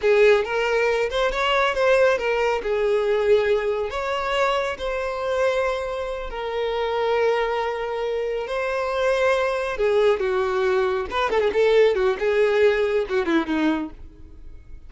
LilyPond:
\new Staff \with { instrumentName = "violin" } { \time 4/4 \tempo 4 = 138 gis'4 ais'4. c''8 cis''4 | c''4 ais'4 gis'2~ | gis'4 cis''2 c''4~ | c''2~ c''8 ais'4.~ |
ais'2.~ ais'8 c''8~ | c''2~ c''8 gis'4 fis'8~ | fis'4. b'8 a'16 gis'16 a'4 fis'8 | gis'2 fis'8 e'8 dis'4 | }